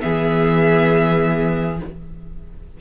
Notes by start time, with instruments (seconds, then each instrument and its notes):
0.00 cello E3, viola B3, violin G#4 E5